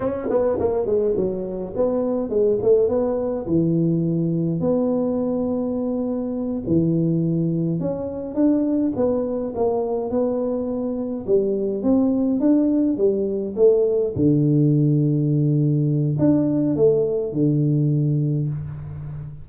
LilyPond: \new Staff \with { instrumentName = "tuba" } { \time 4/4 \tempo 4 = 104 cis'8 b8 ais8 gis8 fis4 b4 | gis8 a8 b4 e2 | b2.~ b8 e8~ | e4. cis'4 d'4 b8~ |
b8 ais4 b2 g8~ | g8 c'4 d'4 g4 a8~ | a8 d2.~ d8 | d'4 a4 d2 | }